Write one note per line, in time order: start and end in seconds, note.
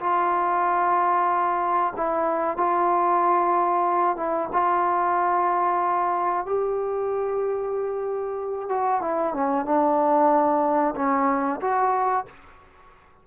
0.00 1.94 F4
1.97 2.57 E4
2.57 4.17 F4
4.17 4.49 E4
4.52 6.45 F4
6.45 8.69 G4
8.69 9.01 F#4
9.01 9.34 E4
9.34 9.65 C#4
9.65 10.94 D4
10.96 11.60 C#4
11.61 12.25 F#4